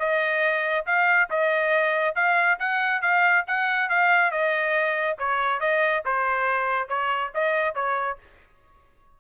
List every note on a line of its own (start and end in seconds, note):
0.00 0.86 D#5
0.87 1.30 F5
1.31 2.16 D#5
2.16 2.59 F5
2.60 3.02 F#5
3.02 3.45 F5
3.48 3.90 F#5
3.90 4.31 F5
4.31 5.18 D#5
5.19 5.60 C#5
5.60 6.04 D#5
6.05 6.89 C5
6.89 7.32 C#5
7.35 7.75 D#5
7.75 8.19 C#5